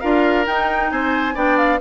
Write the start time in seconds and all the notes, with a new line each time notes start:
0.00 D4 F4 A#4 F5
0.45 D#4 G5
0.91 C4 C5 G#5
1.34 B3 D4 D5 G5
1.57 F5